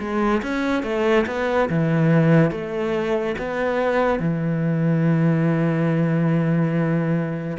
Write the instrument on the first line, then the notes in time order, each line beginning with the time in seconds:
cello
0.00 G#3
0.43 C#4
0.83 A3
1.27 B3
1.70 E3
2.51 A3
3.38 B3
4.19 E3